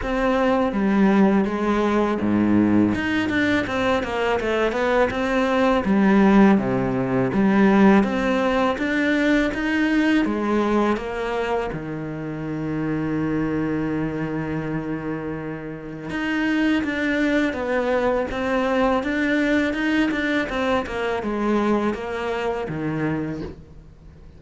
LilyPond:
\new Staff \with { instrumentName = "cello" } { \time 4/4 \tempo 4 = 82 c'4 g4 gis4 gis,4 | dis'8 d'8 c'8 ais8 a8 b8 c'4 | g4 c4 g4 c'4 | d'4 dis'4 gis4 ais4 |
dis1~ | dis2 dis'4 d'4 | b4 c'4 d'4 dis'8 d'8 | c'8 ais8 gis4 ais4 dis4 | }